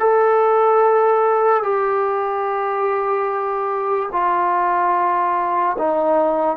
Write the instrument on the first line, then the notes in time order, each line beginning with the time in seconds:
trombone
0.00 A4
1.63 G4
4.13 F4
5.79 D#4